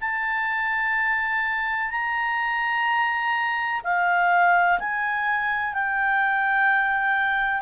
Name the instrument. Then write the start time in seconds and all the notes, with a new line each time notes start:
clarinet
0.00 A5
1.90 A#5
3.84 F5
4.79 G#5
5.74 G5